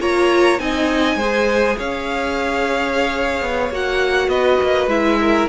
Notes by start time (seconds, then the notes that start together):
0.00 A#3 F4 C#5 A#5
0.59 C4 D#4 D#5 G#5
1.16 G#3 G#4 C5
1.78 C#4 C#5 F5
3.42 B3
3.70 A#3 F#4 F#5
4.28 B3 B4 D#5
4.63 A#3
4.87 G#3 E4 E5
5.21 A#4